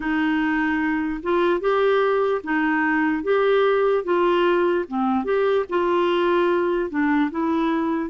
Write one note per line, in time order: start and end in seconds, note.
0.00 1.21 D#4
1.22 1.60 F4
1.60 2.41 G4
2.43 3.23 D#4
3.23 4.04 G4
4.04 4.85 F4
4.88 5.24 C4
5.24 5.65 G4
5.69 6.90 F4
6.90 7.30 D4
7.30 8.10 E4